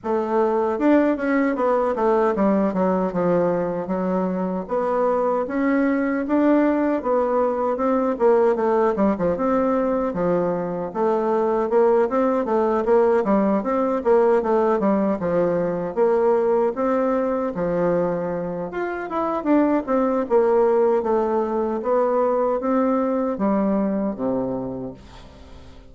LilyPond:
\new Staff \with { instrumentName = "bassoon" } { \time 4/4 \tempo 4 = 77 a4 d'8 cis'8 b8 a8 g8 fis8 | f4 fis4 b4 cis'4 | d'4 b4 c'8 ais8 a8 g16 f16 | c'4 f4 a4 ais8 c'8 |
a8 ais8 g8 c'8 ais8 a8 g8 f8~ | f8 ais4 c'4 f4. | f'8 e'8 d'8 c'8 ais4 a4 | b4 c'4 g4 c4 | }